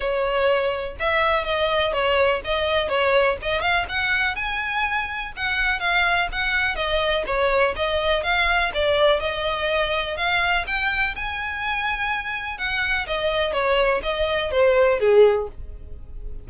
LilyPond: \new Staff \with { instrumentName = "violin" } { \time 4/4 \tempo 4 = 124 cis''2 e''4 dis''4 | cis''4 dis''4 cis''4 dis''8 f''8 | fis''4 gis''2 fis''4 | f''4 fis''4 dis''4 cis''4 |
dis''4 f''4 d''4 dis''4~ | dis''4 f''4 g''4 gis''4~ | gis''2 fis''4 dis''4 | cis''4 dis''4 c''4 gis'4 | }